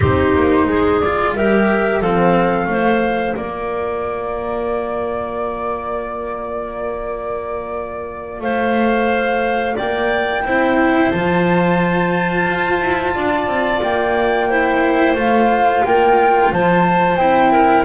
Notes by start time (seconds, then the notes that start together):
0.00 C4 D#4 G4 C5
0.35 A#3
0.66 G#3 G#4
1.00 F4 D5
1.34 G3 G4 A#4 E5
2.00 F3 C4 A4 F5
2.66 A3 F4 C5
3.36 A#3 A#4 D5
8.40 A3 C5 F5
9.75 A#3 D5 G5
10.44 C4 E4 C5
11.10 F3 F4 A5
12.48 F4
12.81 E4
13.15 D4 D5
13.46 C4
13.82 A#3 G5
14.49 E4 C5
15.14 A3 F4 F5
15.84 A#3 A#4 G5
16.51 F3 C5 A5
17.17 C4 E4 G5
17.52 A#4